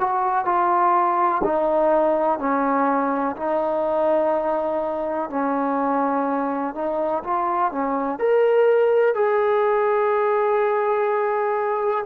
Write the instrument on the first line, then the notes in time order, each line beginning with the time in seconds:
trombone
0.00 F#4
0.45 F4
1.44 D#4
2.39 C#4
3.37 D#4
5.30 C#4
6.75 D#4
7.24 F4
7.72 C#4
8.19 A#4
9.15 G#4